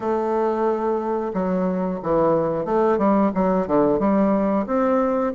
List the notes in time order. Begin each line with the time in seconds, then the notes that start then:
0.00 A3
1.33 F#3
2.02 E3
2.65 A3
2.98 G3
3.34 F#3
3.67 D3
3.99 G3
4.66 C4